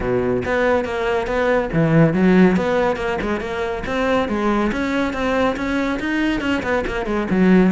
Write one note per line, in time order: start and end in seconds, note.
0.00 0.42 B2
0.45 0.85 B3
0.85 1.26 A#3
1.26 1.69 B3
1.73 2.13 E3
2.13 2.56 F#3
2.56 2.96 B3
2.96 3.17 A#3
3.21 3.40 G#3
3.40 3.83 A#3
3.86 4.28 C4
4.28 4.71 G#3
4.71 5.13 C#4
5.13 5.56 C4
5.56 5.99 C#4
5.99 6.41 D#4
6.41 6.62 C#4
6.63 6.84 B3
6.86 7.05 A#3
7.05 7.27 G#3
7.30 7.71 F#3